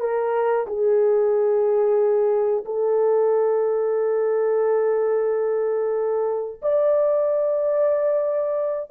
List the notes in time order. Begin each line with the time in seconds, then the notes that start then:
0.00 A#4
0.67 G#4
2.65 A4
6.62 D5